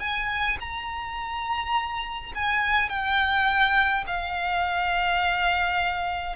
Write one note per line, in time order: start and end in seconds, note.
0.00 0.58 G#5
0.60 2.33 A#5
2.35 2.90 G#5
2.90 4.05 G5
4.07 6.36 F5